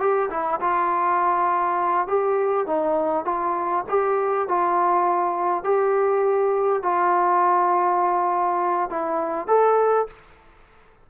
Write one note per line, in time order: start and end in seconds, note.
0.00 0.30 G4
0.31 0.60 E4
0.61 2.08 F4
2.08 2.67 G4
2.67 3.25 D#4
3.25 3.85 F4
3.89 4.49 G4
4.49 5.64 F4
5.64 6.83 G4
6.83 8.90 F4
8.90 9.48 E4
9.48 10.07 A4